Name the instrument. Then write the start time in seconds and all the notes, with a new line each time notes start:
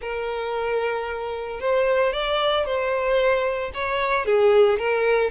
violin
0.01 A#4
1.60 C5
2.12 D5
2.65 C5
3.74 C#5
4.25 G#4
4.79 A#4